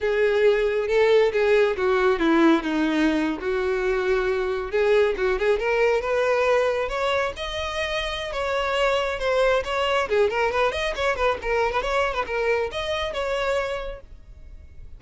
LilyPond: \new Staff \with { instrumentName = "violin" } { \time 4/4 \tempo 4 = 137 gis'2 a'4 gis'4 | fis'4 e'4 dis'4.~ dis'16 fis'16~ | fis'2~ fis'8. gis'4 fis'16~ | fis'16 gis'8 ais'4 b'2 cis''16~ |
cis''8. dis''2~ dis''16 cis''4~ | cis''4 c''4 cis''4 gis'8 ais'8 | b'8 dis''8 cis''8 b'8 ais'8. b'16 cis''8. b'16 | ais'4 dis''4 cis''2 | }